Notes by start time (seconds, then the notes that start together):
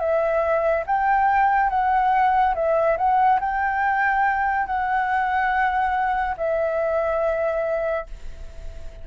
0.00 E5
0.87 G5
1.70 F#5
2.55 E5
2.98 F#5
3.40 G5
4.67 F#5
6.38 E5